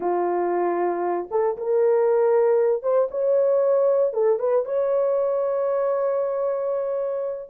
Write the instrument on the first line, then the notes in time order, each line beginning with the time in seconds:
horn
0.00 F4
1.30 A4
1.57 A#4
2.82 C5
3.10 C#5
4.13 A4
4.39 B4
4.65 C#5